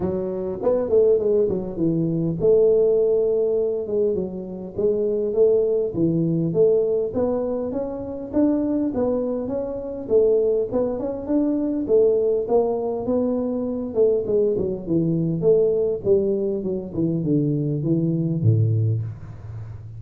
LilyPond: \new Staff \with { instrumentName = "tuba" } { \time 4/4 \tempo 4 = 101 fis4 b8 a8 gis8 fis8 e4 | a2~ a8 gis8 fis4 | gis4 a4 e4 a4 | b4 cis'4 d'4 b4 |
cis'4 a4 b8 cis'8 d'4 | a4 ais4 b4. a8 | gis8 fis8 e4 a4 g4 | fis8 e8 d4 e4 a,4 | }